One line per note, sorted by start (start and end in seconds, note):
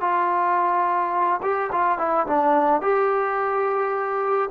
0.00 1.40 F4
1.42 1.70 G4
1.72 1.98 F4
1.98 2.26 E4
2.27 2.81 D4
2.81 4.50 G4